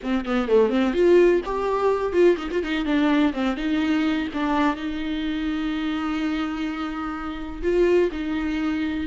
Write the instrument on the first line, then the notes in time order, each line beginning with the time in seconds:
viola
0.02 C4
0.25 B3
0.48 A3
0.69 C4
0.93 F4
1.45 G4
2.12 F4
2.37 D#4
2.51 F4
2.63 D#4
2.85 D4
3.33 C4
3.56 D#4
4.33 D4
4.76 D#4
7.62 F4
8.11 D#4